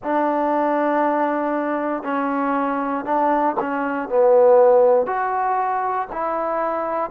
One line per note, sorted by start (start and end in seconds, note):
0.03 2.03 D4
2.03 3.05 C#4
3.05 3.55 D4
3.60 4.09 C#4
4.09 5.06 B3
5.06 6.07 F#4
6.12 7.10 E4